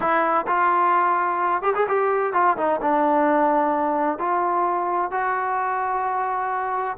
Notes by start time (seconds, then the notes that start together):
0.00 E4
0.47 F4
1.62 G4
1.75 G#4
1.88 G4
2.33 F4
2.57 D#4
2.81 D4
4.18 F4
5.11 F#4